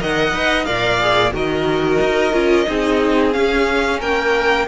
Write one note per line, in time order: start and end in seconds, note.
0.00 0.33 D#3
0.00 0.33 A#4
0.00 0.66 D#5
0.00 0.64 F#5
0.33 0.67 D#4
0.33 0.66 B4
0.64 1.32 A#2
0.64 1.00 A#4
0.64 1.33 D5
0.64 1.31 F5
1.00 1.32 G#4
1.32 1.99 D#3
1.32 2.32 F#4
1.32 2.67 A#4
1.32 3.32 D#5
2.00 2.33 D#4
2.33 2.66 C#4
2.33 2.66 F4
2.67 3.35 C4
2.67 3.32 D#4
2.67 3.99 G#4
3.32 4.65 C#4
3.32 4.02 C#4
3.32 3.99 F5
3.99 4.68 A#3
3.99 4.66 A#4
3.99 4.68 G5